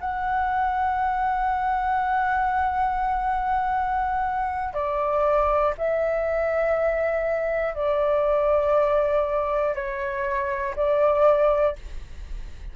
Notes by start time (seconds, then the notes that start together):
0.00 F#5
4.74 D5
5.77 E5
7.74 D5
9.74 C#5
10.75 D5